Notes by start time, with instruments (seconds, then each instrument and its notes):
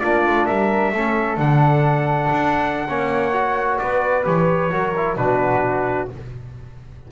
0.00 double bass A#3, trombone D4, flute F4, trumpet D5
0.27 double bass A3
0.46 double bass G3, flute A#4, trumpet E5
0.92 double bass A3, trombone C#4, flute A4
1.38 double bass D3, trombone D4, trumpet F#5
2.32 double bass D4
2.89 double bass A#3, trombone C#4, flute C#5
3.33 trombone F#4
3.79 double bass B3, flute B4, trumpet D5
4.24 double bass E3, trombone G4, trumpet C#5
4.71 double bass F#3, trombone F#4, flute A#4
4.97 trombone E4
5.17 double bass B2, trombone D4, flute F#4, trumpet B4